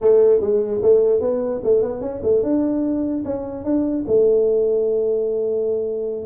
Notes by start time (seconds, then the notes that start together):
0.01 A3
0.40 G#3
0.82 A3
1.20 B3
1.63 A3
1.82 B3
2.01 C#4
2.23 A3
2.43 D4
3.24 C#4
3.64 D4
4.07 A3